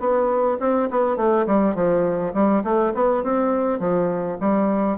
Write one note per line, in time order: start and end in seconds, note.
0.00 0.58 B3
0.60 0.89 C4
0.91 1.17 B3
1.17 1.46 A3
1.47 1.75 G3
1.75 2.33 F3
2.34 2.63 G3
2.64 2.93 A3
2.94 3.24 B3
3.24 3.80 C4
3.80 4.38 F3
4.40 4.98 G3